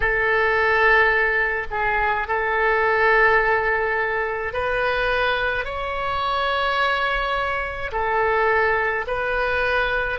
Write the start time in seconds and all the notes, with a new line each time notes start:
0.00 A4
1.70 G#4
2.27 A4
4.53 B4
5.64 C#5
7.91 A4
9.07 B4